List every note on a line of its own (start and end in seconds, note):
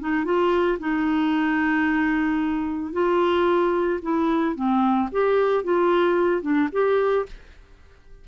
0.00 0.25 D#4
0.25 0.78 F4
0.80 2.93 D#4
2.93 4.00 F4
4.02 4.56 E4
4.56 5.09 C4
5.12 5.64 G4
5.64 6.42 F4
6.42 6.69 D4
6.73 7.26 G4